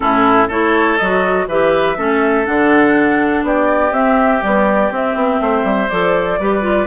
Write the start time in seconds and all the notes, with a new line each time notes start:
0.00 A2 C#4 E4 A4
0.47 A3 E4 A4 C#5
0.97 F#3 F#4 D#5
1.47 E3 G4 B4 E5
1.96 A3 C#4 A4
2.45 D3 D4 F#5
3.43 B3 G4 D5
3.91 C4 E5
4.40 G3 B3 D5
4.91 C4 E5
5.14 B3
5.40 A3 C5
5.63 G3
5.89 F3 A4 D5
6.39 G3 G4 B4
6.61 F4